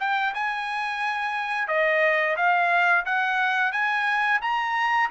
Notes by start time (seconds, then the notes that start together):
0.00 G5
0.34 G#5
1.68 D#5
2.37 F5
3.06 F#5
3.73 G#5
4.42 A#5